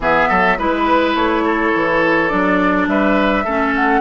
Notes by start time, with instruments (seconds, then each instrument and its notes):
0.00 bassoon E3, clarinet B3, oboe G#4, flute E5
0.28 bassoon F#3, oboe A4
0.58 bassoon G#3, clarinet E4, flute B4, oboe B4
1.14 bassoon A3, flute C#5
1.44 oboe A4
1.74 bassoon E3
2.27 bassoon F#3, clarinet D4, flute D5
2.87 bassoon G3, oboe B4, flute E5
3.44 bassoon A3, clarinet C#4, oboe A4
3.75 flute F#5